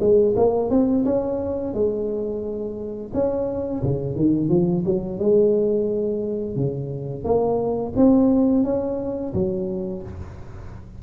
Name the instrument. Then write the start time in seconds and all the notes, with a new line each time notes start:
tuba
0.00 G#3
0.36 A#3
0.70 C4
1.05 C#4
1.74 G#3
3.14 C#4
3.83 C#3
4.16 D#3
4.49 F3
4.85 F#3
5.19 G#3
6.55 C#3
7.24 A#3
7.96 C4
8.64 C#4
9.34 F#3